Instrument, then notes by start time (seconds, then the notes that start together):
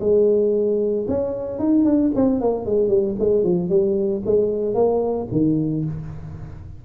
tuba
0.00 G#3
1.08 C#4
1.59 D#4
1.85 D4
2.15 C4
2.41 A#3
2.66 G#3
2.88 G3
3.19 G#3
3.44 F3
3.69 G3
4.26 G#3
4.74 A#3
5.32 D#3